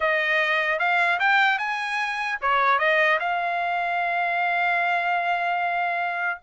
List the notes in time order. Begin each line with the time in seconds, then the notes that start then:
0.00 D#5
0.79 F5
1.19 G5
1.58 G#5
2.41 C#5
2.78 D#5
3.19 F5